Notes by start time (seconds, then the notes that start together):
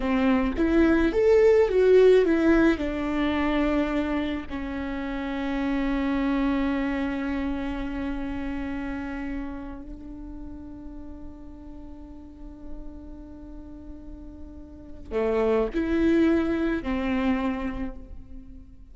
0.00 C4
0.57 E4
1.12 A4
1.68 F#4
2.25 E4
2.78 D4
4.49 C#4
9.82 D4
15.11 A3
15.74 E4
16.82 C4